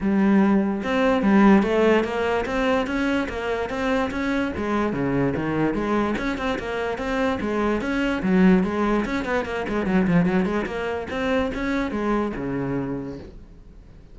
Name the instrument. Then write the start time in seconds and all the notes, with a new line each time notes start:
cello
0.00 G3
0.83 C4
1.22 G3
1.63 A3
2.04 A#3
2.45 C4
2.86 C#4
3.28 A#3
3.69 C4
4.11 C#4
4.57 G#3
4.92 C#3
5.35 D#3
5.73 G#3
6.18 C#4
6.37 C4
6.58 A#3
6.98 C4
7.40 G#3
7.81 C#4
8.22 F#3
8.63 G#3
9.05 C#4
9.24 B3
9.45 A#3
9.68 G#3
9.86 F#3
10.07 F3
10.25 F#3
10.45 G#3
10.66 A#3
11.10 C4
11.54 C#4
11.91 G#3
12.36 C#3